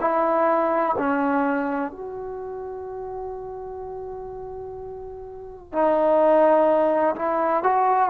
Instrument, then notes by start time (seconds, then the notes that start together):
trombone
0.00 E4
0.98 C#4
1.91 F#4
5.72 D#4
7.15 E4
7.63 F#4